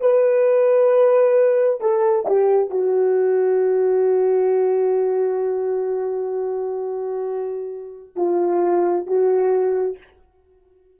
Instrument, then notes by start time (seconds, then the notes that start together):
horn
0.00 B4
1.81 A4
2.26 G4
2.70 F#4
8.16 F4
9.07 F#4